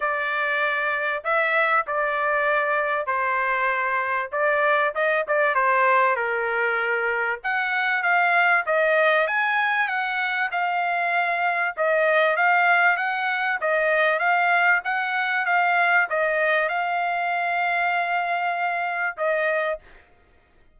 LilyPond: \new Staff \with { instrumentName = "trumpet" } { \time 4/4 \tempo 4 = 97 d''2 e''4 d''4~ | d''4 c''2 d''4 | dis''8 d''8 c''4 ais'2 | fis''4 f''4 dis''4 gis''4 |
fis''4 f''2 dis''4 | f''4 fis''4 dis''4 f''4 | fis''4 f''4 dis''4 f''4~ | f''2. dis''4 | }